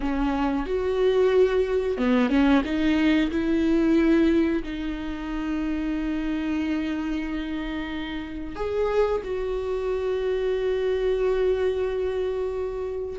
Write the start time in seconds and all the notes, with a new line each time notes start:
0.00 C#4
0.66 F#4
1.97 B3
2.29 C#4
2.64 D#4
3.30 E4
4.63 D#4
8.55 G#4
9.23 F#4